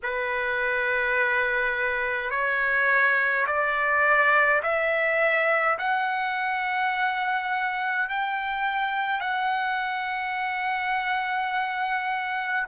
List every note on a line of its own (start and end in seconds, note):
0.03 2.30 B4
2.30 3.46 C#5
3.46 4.62 D5
4.62 5.77 E5
5.78 8.09 F#5
8.09 9.20 G5
9.20 12.66 F#5